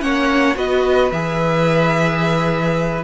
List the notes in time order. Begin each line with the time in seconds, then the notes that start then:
0.00 A#3 C#4 C#5 F#5
0.55 B3 F#4 B4 D#5
1.11 E3 G#4 E5